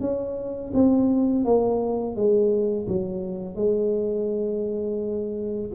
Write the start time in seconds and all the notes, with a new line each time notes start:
0.00 C#4
0.73 C4
1.44 A#3
2.15 G#3
2.87 F#3
3.55 G#3